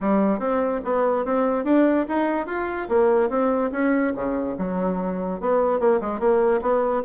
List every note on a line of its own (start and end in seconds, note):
0.00 0.39 G3
0.39 0.80 C4
0.84 1.25 B3
1.25 1.64 C4
1.64 2.06 D4
2.08 2.46 D#4
2.46 2.87 F4
2.88 3.29 A#3
3.29 3.70 C4
3.71 4.13 C#4
4.15 4.56 C#3
4.58 5.40 F#3
5.40 5.79 B3
5.79 6.00 A#3
6.00 6.19 G#3
6.19 6.60 A#3
6.61 7.03 B3